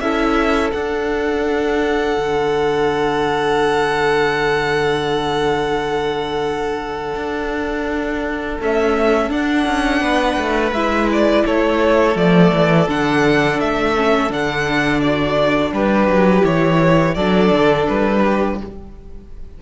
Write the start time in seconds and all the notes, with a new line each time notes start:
0.00 C#4 E4 A4 E5
0.72 D4 F#5
2.18 D3
7.15 D4
8.60 A3 C#4 E5
9.30 D4 F#5
9.66 C#4
10.01 B3 B4
10.38 A3
10.72 G#3 E4 E5
11.12 D5
11.46 A3 A4 C#5
12.16 F3 A3 D5
12.53 E3
12.88 D3 D4 F#5
13.60 A3 E5
13.96 C#4
14.30 D3 D4 F#5
15.01 F#4 D5
15.72 G3 G4 B4
16.08 F#3
16.41 E3 E4 C#5
17.15 F#3 D4 A4 D5
17.51 D3
17.89 G3 B4
18.22 G4